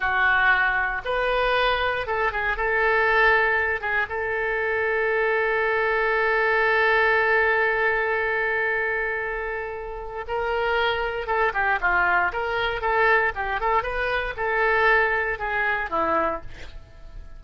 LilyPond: \new Staff \with { instrumentName = "oboe" } { \time 4/4 \tempo 4 = 117 fis'2 b'2 | a'8 gis'8 a'2~ a'8 gis'8 | a'1~ | a'1~ |
a'1 | ais'2 a'8 g'8 f'4 | ais'4 a'4 g'8 a'8 b'4 | a'2 gis'4 e'4 | }